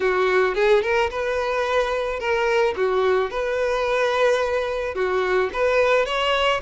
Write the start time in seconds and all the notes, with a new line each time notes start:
0.00 F#4
0.55 G#4
0.82 A#4
1.10 B4
2.19 A#4
2.76 F#4
3.30 B4
4.94 F#4
5.53 B4
6.05 C#5